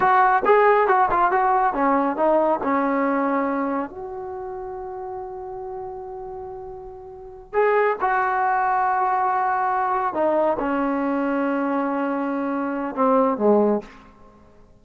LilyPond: \new Staff \with { instrumentName = "trombone" } { \time 4/4 \tempo 4 = 139 fis'4 gis'4 fis'8 f'8 fis'4 | cis'4 dis'4 cis'2~ | cis'4 fis'2.~ | fis'1~ |
fis'4. gis'4 fis'4.~ | fis'2.~ fis'8 dis'8~ | dis'8 cis'2.~ cis'8~ | cis'2 c'4 gis4 | }